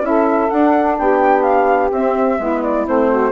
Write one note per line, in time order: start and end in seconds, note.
0.00 0.47 C#4
0.00 0.48 E4
0.00 0.49 E5
0.06 0.99 A4
0.49 1.90 D4
0.49 0.98 D4
0.49 0.96 F#5
0.98 1.91 B3
0.98 2.39 G4
0.98 1.42 G5
1.42 1.89 F5
1.91 2.37 C4
1.91 2.39 C4
1.91 2.62 E5
2.38 2.85 G#3
2.38 2.86 B3
2.38 3.09 E4
2.62 2.86 D5
2.86 3.32 A3
2.86 3.32 C4
2.86 3.32 C5
3.09 3.32 F#4